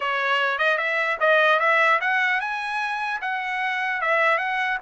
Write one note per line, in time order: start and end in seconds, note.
0.00 0.58 C#5
0.58 0.77 D#5
0.77 1.17 E5
1.19 1.59 D#5
1.59 1.99 E5
2.01 2.40 F#5
2.40 3.20 G#5
3.21 4.01 F#5
4.01 4.38 E5
4.38 4.78 F#5